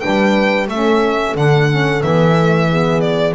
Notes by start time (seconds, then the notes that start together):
0.00 G3 D4 B4 G5
0.68 A3 C#4 A4 E5
1.35 D3 D4 F#5
1.69 C#4
2.02 E3 B3 E5
2.37 A3
2.69 B3 G#4
3.00 D5